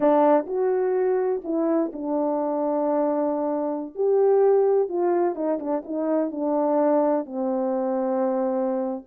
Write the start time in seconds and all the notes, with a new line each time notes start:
0.00 D4
0.46 F#4
1.44 E4
1.93 D4
3.95 G4
4.88 F4
5.35 D#4
5.59 D4
5.84 D#4
6.31 D4
7.25 C4